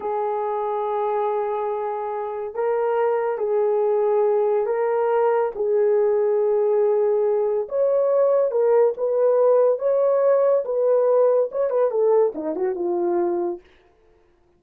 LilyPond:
\new Staff \with { instrumentName = "horn" } { \time 4/4 \tempo 4 = 141 gis'1~ | gis'2 ais'2 | gis'2. ais'4~ | ais'4 gis'2.~ |
gis'2 cis''2 | ais'4 b'2 cis''4~ | cis''4 b'2 cis''8 b'8 | a'4 dis'8 fis'8 f'2 | }